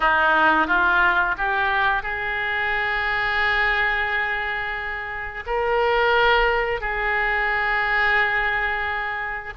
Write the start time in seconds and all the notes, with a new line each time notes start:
0.00 D#4
0.67 F4
1.37 G4
2.03 G#4
5.46 A#4
6.81 G#4